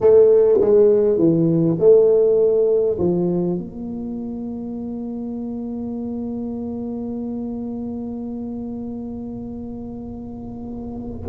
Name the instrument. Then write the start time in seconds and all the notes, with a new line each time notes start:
tuba
0.01 A3
0.60 G#3
1.18 E3
1.79 A3
2.99 F3
3.58 A#3